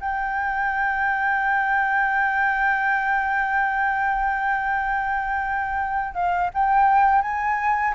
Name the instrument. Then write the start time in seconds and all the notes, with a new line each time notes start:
flute
0.00 G5
6.14 F5
6.54 G5
7.22 G#5